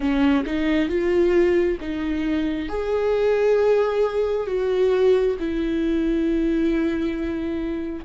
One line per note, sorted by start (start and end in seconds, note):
0.00 0.44 C#4
0.45 0.88 D#4
0.88 1.78 F4
1.80 2.68 D#4
2.68 4.46 G#4
4.46 5.36 F#4
5.39 8.05 E4